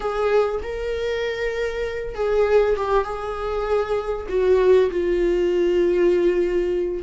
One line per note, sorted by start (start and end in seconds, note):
0.00 0.60 G#4
0.63 2.15 A#4
2.15 2.76 G#4
2.76 3.04 G4
3.04 4.26 G#4
4.28 4.90 F#4
4.90 7.02 F4